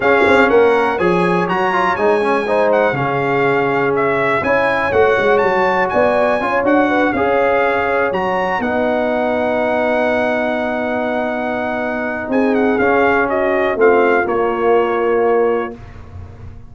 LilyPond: <<
  \new Staff \with { instrumentName = "trumpet" } { \time 4/4 \tempo 4 = 122 f''4 fis''4 gis''4 ais''4 | gis''4. fis''8 f''2 | e''4 gis''4 fis''4 a''4 | gis''4. fis''4 f''4.~ |
f''8 ais''4 fis''2~ fis''8~ | fis''1~ | fis''4 gis''8 fis''8 f''4 dis''4 | f''4 cis''2. | }
  \new Staff \with { instrumentName = "horn" } { \time 4/4 gis'4 ais'4 cis''2~ | cis''4 c''4 gis'2~ | gis'4 cis''2. | d''4 cis''4 b'8 cis''4.~ |
cis''4. b'2~ b'8~ | b'1~ | b'4 gis'2 fis'4 | f'1 | }
  \new Staff \with { instrumentName = "trombone" } { \time 4/4 cis'2 gis'4 fis'8 f'8 | dis'8 cis'8 dis'4 cis'2~ | cis'4 e'4 fis'2~ | fis'4 f'8 fis'4 gis'4.~ |
gis'8 fis'4 dis'2~ dis'8~ | dis'1~ | dis'2 cis'2 | c'4 ais2. | }
  \new Staff \with { instrumentName = "tuba" } { \time 4/4 cis'8 c'8 ais4 f4 fis4 | gis2 cis2~ | cis4 cis'4 a8 gis8 fis4 | b4 cis'8 d'4 cis'4.~ |
cis'8 fis4 b2~ b8~ | b1~ | b4 c'4 cis'2 | a4 ais2. | }
>>